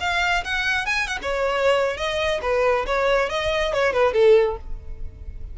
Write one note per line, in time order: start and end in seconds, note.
0.00 0.44 F5
0.44 0.86 F#5
0.86 1.07 G#5
1.07 1.18 F#5
1.22 1.97 C#5
1.97 2.41 D#5
2.42 2.86 B4
2.86 3.29 C#5
3.29 3.73 D#5
3.73 3.93 C#5
3.93 4.13 B4
4.13 4.57 A4